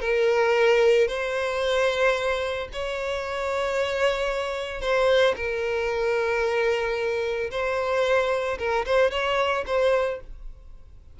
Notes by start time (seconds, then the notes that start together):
0.00 A#4
1.07 C5
2.72 C#5
4.81 C5
5.36 A#4
7.50 C5
8.58 A#4
8.85 C5
9.11 C#5
9.66 C5